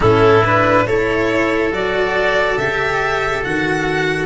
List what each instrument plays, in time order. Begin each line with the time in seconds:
0.00 tuba A2, cello C#4, oboe E4, violin A4
0.44 cello D4, violin B4
0.85 tuba A3, cello E4, oboe A4, violin C#5
1.70 tuba F#3, cello F#4, violin D5
2.57 tuba C#3, cello G4, violin E5
3.43 tuba D#3, cello F#4, violin F#5